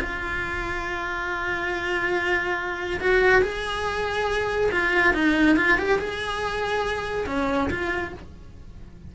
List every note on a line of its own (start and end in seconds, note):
0.00 3.00 F4
3.00 3.42 F#4
3.42 4.70 G#4
4.72 5.14 F4
5.14 5.57 D#4
5.57 5.78 F4
5.78 5.99 G4
5.99 7.27 G#4
7.27 7.69 C#4
7.70 8.13 F4